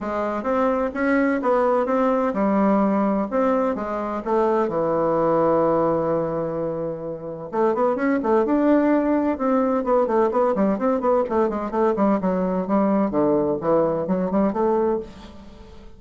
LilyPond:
\new Staff \with { instrumentName = "bassoon" } { \time 4/4 \tempo 4 = 128 gis4 c'4 cis'4 b4 | c'4 g2 c'4 | gis4 a4 e2~ | e1 |
a8 b8 cis'8 a8 d'2 | c'4 b8 a8 b8 g8 c'8 b8 | a8 gis8 a8 g8 fis4 g4 | d4 e4 fis8 g8 a4 | }